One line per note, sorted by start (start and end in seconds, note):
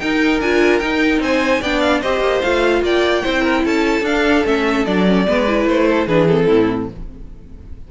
0.00 0.42 D#4
0.00 0.41 D#4
0.00 1.22 A#4
0.00 0.41 G5
0.41 0.82 D4
0.41 0.82 F4
0.41 0.79 G#5
0.79 1.63 D#4
0.79 1.19 D#4
0.79 1.20 G5
1.19 1.60 C4
1.19 1.62 C5
1.19 1.64 G#5
1.62 2.03 B3
1.62 2.04 D4
1.62 2.02 D5
1.62 1.81 G5
1.81 2.01 F5
2.02 2.21 C4
2.02 2.44 G4
2.02 2.83 C5
2.02 2.42 D#5
2.21 2.41 A#3
2.42 2.82 A3
2.42 3.24 F4
2.42 2.83 F5
2.82 3.23 A#3
2.82 3.24 D5
2.82 3.67 G5
3.24 3.66 C4
3.24 4.05 E4
3.24 3.42 C5
3.42 3.62 A#4
3.65 4.02 C#4
3.65 5.27 A4
3.65 4.06 A5
4.02 4.43 D4
4.02 4.46 D4
4.02 4.46 F5
4.46 4.86 A3
4.46 4.86 C#4
4.46 4.86 E5
4.86 5.27 F#3
4.86 5.07 D4
4.86 5.67 D5
5.07 5.27 C#4
5.27 5.67 G#3
5.27 5.47 B3
5.27 5.88 B4
5.48 6.09 E4
5.67 6.07 A3
5.67 6.08 C5
5.88 6.08 A4
6.08 6.48 E3
6.08 6.29 D4
6.08 6.47 G#4
6.08 6.28 B4
6.28 6.90 C4
6.28 6.89 A4
6.47 6.91 A2
6.47 6.88 E4